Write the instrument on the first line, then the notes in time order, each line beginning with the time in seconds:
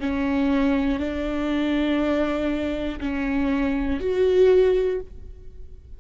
viola
0.00 C#4
0.99 D4
3.00 C#4
4.00 F#4